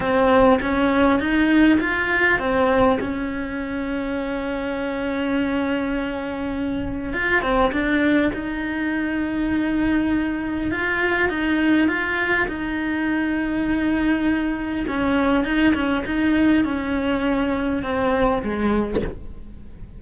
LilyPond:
\new Staff \with { instrumentName = "cello" } { \time 4/4 \tempo 4 = 101 c'4 cis'4 dis'4 f'4 | c'4 cis'2.~ | cis'1 | f'8 c'8 d'4 dis'2~ |
dis'2 f'4 dis'4 | f'4 dis'2.~ | dis'4 cis'4 dis'8 cis'8 dis'4 | cis'2 c'4 gis4 | }